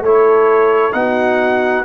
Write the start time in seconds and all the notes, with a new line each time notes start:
0.00 A3 E4 A4 C#5
0.92 B3 D#4 F#4 F#5